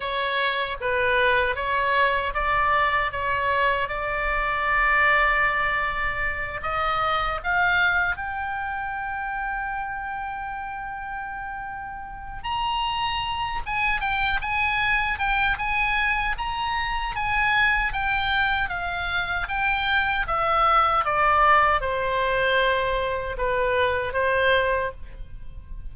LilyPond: \new Staff \with { instrumentName = "oboe" } { \time 4/4 \tempo 4 = 77 cis''4 b'4 cis''4 d''4 | cis''4 d''2.~ | d''8 dis''4 f''4 g''4.~ | g''1 |
ais''4. gis''8 g''8 gis''4 g''8 | gis''4 ais''4 gis''4 g''4 | f''4 g''4 e''4 d''4 | c''2 b'4 c''4 | }